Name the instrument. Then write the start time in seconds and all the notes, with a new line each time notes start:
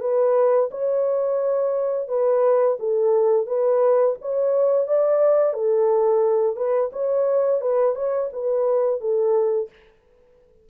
horn
0.00 B4
0.71 C#5
2.08 B4
2.79 A4
3.46 B4
4.21 C#5
4.87 D5
5.53 A4
6.56 B4
6.92 C#5
7.61 B4
7.95 C#5
8.32 B4
9.00 A4